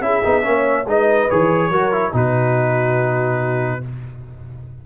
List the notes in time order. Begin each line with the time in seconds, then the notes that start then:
0.00 C#4 E4 G#4 E5
0.23 B3 D#4
0.42 A#3 C#4 C#5
0.85 G#3 D#4 B4 D#5
1.29 E3 G#4 C#5
1.70 F#3 F#4 A#4
1.92 E4
2.12 B2 D#4 F#4 B4